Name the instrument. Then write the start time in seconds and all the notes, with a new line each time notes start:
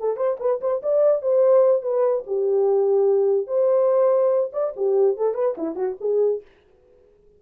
horn
0.00 A4
0.17 C5
0.40 B4
0.61 C5
0.83 D5
1.22 C5
1.82 B4
2.27 G4
3.47 C5
4.53 D5
4.76 G4
5.17 A4
5.34 B4
5.57 E4
5.76 F#4
6.01 G#4